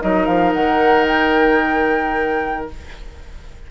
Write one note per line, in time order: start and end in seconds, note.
0.00 0.27 F#3
0.00 2.68 D#4
0.00 2.71 A#4
0.00 0.26 D#5
0.26 0.53 F3
0.26 0.53 F5
0.53 2.68 D#3
0.53 1.06 F#5
1.06 2.67 G5